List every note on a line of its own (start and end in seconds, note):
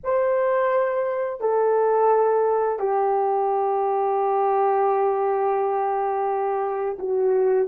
0.03 1.40 C5
1.40 2.79 A4
2.79 6.97 G4
6.98 7.67 F#4